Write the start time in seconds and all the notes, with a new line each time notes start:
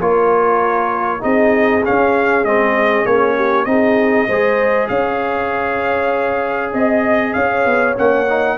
0.00 A#3 F4 A#4 C#5
1.20 C4 D#4 G#4 D#5
1.85 C#4 F5
2.44 G#3 C4 D#5
3.06 A#3 C#4 C#5
3.36 G4
3.65 C4 D#4 G#4 D#5
4.27 G#3 G#4 C5
4.88 C#4 C#5 F5
6.73 C4 D#5
7.33 C#4 C#5 F5
7.65 B3
7.95 A#3 C#4 F#5
8.28 D#4